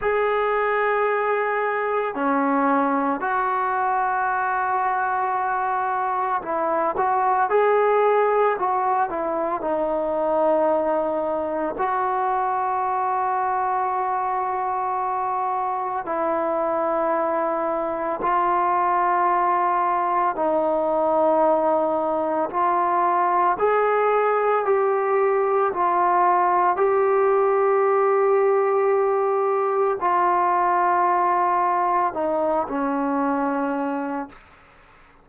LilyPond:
\new Staff \with { instrumentName = "trombone" } { \time 4/4 \tempo 4 = 56 gis'2 cis'4 fis'4~ | fis'2 e'8 fis'8 gis'4 | fis'8 e'8 dis'2 fis'4~ | fis'2. e'4~ |
e'4 f'2 dis'4~ | dis'4 f'4 gis'4 g'4 | f'4 g'2. | f'2 dis'8 cis'4. | }